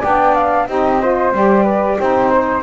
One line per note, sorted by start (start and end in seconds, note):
0.00 0.68 B3
0.00 0.68 D4
0.00 0.65 D5
0.00 0.35 G5
0.35 0.67 F5
0.68 1.32 C4
0.68 1.01 D#4
0.68 1.01 G4
0.68 1.33 D#5
1.01 1.33 F4
1.01 1.63 C5
1.32 1.97 G3
1.32 1.98 G4
1.32 2.00 D5
1.63 1.96 B4
1.98 2.63 C4
1.98 2.63 D#4
1.98 2.30 G4
1.98 2.63 C5
2.30 2.63 C5